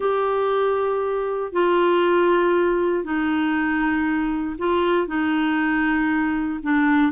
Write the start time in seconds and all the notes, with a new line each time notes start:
0.00 G4
1.52 F4
3.03 D#4
4.58 F4
5.07 D#4
6.62 D4